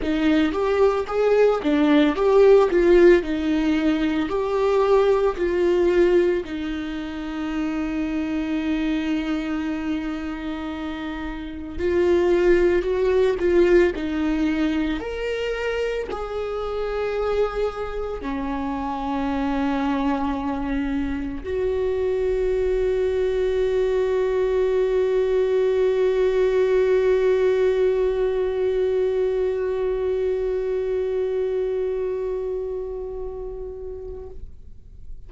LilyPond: \new Staff \with { instrumentName = "viola" } { \time 4/4 \tempo 4 = 56 dis'8 g'8 gis'8 d'8 g'8 f'8 dis'4 | g'4 f'4 dis'2~ | dis'2. f'4 | fis'8 f'8 dis'4 ais'4 gis'4~ |
gis'4 cis'2. | fis'1~ | fis'1~ | fis'1 | }